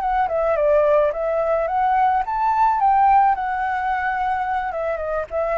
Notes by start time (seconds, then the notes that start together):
0.00 F#5
0.28 E5
0.56 D5
1.12 E5
1.67 F#5
2.26 A5
2.80 G5
3.35 F#5
4.72 E5
4.97 D#5
5.31 E5